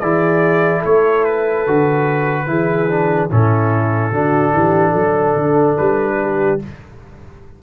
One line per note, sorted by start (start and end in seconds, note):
0.00 0.84 E3
0.00 1.67 E4
0.00 0.80 G#4
0.00 0.82 D5
0.80 1.67 A3
0.80 2.44 A4
0.80 1.24 C#5
1.24 3.30 B4
1.67 2.47 D3
1.67 2.47 F#4
2.47 3.30 E3
2.47 2.88 E4
2.47 3.30 G#4
2.89 3.30 D4
3.30 4.12 A2
3.30 4.13 C#4
3.30 4.12 E4
3.30 5.77 A4
4.12 4.53 D3
4.12 6.60 D4
4.12 4.54 F#4
4.54 4.94 E3
4.54 4.91 G4
4.91 5.35 F#3
4.91 6.14 A4
5.36 5.77 D3
5.77 6.61 G3
5.77 6.59 B4
6.22 6.63 G4